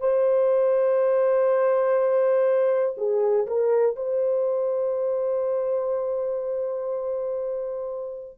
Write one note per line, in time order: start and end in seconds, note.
0.00 2.95 C5
2.97 3.46 G#4
3.46 3.96 A#4
3.96 8.38 C5